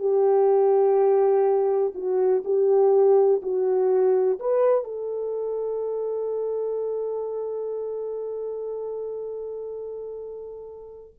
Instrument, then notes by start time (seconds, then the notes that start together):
horn
0.00 G4
1.95 F#4
2.45 G4
3.43 F#4
4.40 B4
4.85 A4